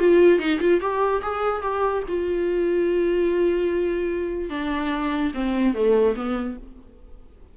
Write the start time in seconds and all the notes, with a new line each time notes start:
0.00 F4
0.39 D#4
0.61 F4
0.81 G4
1.23 G#4
1.62 G4
2.09 F4
4.50 D4
5.35 C4
5.75 A3
6.16 B3